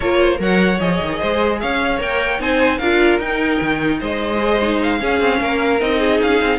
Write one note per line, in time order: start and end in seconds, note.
0.00 0.39 A#3
0.00 0.37 F4
0.00 0.19 A#4
0.00 0.39 C#5
0.20 0.40 C5
0.37 0.79 F#3
0.37 0.77 A#4
0.37 1.19 C#5
0.37 0.80 F#5
0.80 1.00 F3
0.80 1.98 G#4
0.80 1.60 D#5
1.00 1.20 D#3
1.19 1.62 G#3
1.19 1.59 C5
1.60 2.00 C#4
1.60 2.41 C#5
1.60 2.00 F5
1.98 2.39 A#3
1.98 2.38 A#4
1.98 2.41 G5
2.39 2.79 C4
2.39 2.79 D#4
2.39 2.78 C5
2.39 2.78 G#5
2.78 3.19 D4
2.78 3.21 F4
2.78 3.98 A#4
2.78 3.18 F5
3.19 3.59 D#4
3.19 4.38 D#4
3.19 4.00 G5
3.60 4.00 D#3
3.99 5.01 G#3
3.99 4.99 C5
3.99 4.82 D#5
4.38 4.58 G#4
4.61 4.99 D#4
4.82 5.80 F5
4.99 5.79 C#4
4.99 5.20 C#4
4.99 5.40 G#4
5.20 5.40 C4
5.40 5.80 A#3
5.40 5.99 A#4
5.79 6.20 C4
5.79 6.58 D#4
5.79 6.20 D#5
5.99 6.58 G#4
6.22 6.42 C#4
6.22 6.58 F5
6.42 6.58 C4